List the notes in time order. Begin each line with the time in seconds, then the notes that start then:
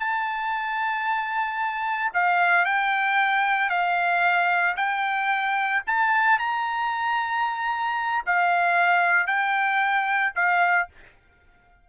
0.00 A5
2.14 F5
2.66 G5
3.70 F5
4.77 G5
5.87 A5
6.39 A#5
8.26 F5
9.27 G5
10.36 F5